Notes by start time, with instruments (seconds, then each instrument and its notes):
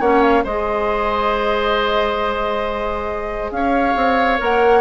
0.00 bassoon A#3, clarinet C#4, oboe C#5, flute F#5
0.22 flute F5
0.44 bassoon G#3, clarinet G#4, oboe C5, flute D#5
3.51 bassoon C#4, oboe C#5, flute F5
3.95 bassoon C4
4.39 bassoon A#3, clarinet A#4, flute F#5